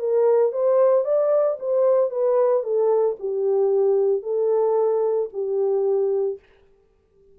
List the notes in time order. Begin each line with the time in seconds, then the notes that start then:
0.00 A#4
0.53 C5
1.05 D5
1.60 C5
2.11 B4
2.63 A4
3.20 G4
4.23 A4
5.33 G4